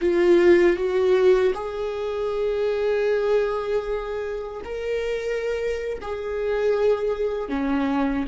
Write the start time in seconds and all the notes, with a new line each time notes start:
0.01 F4
0.76 F#4
1.54 G#4
4.64 A#4
6.01 G#4
7.49 C#4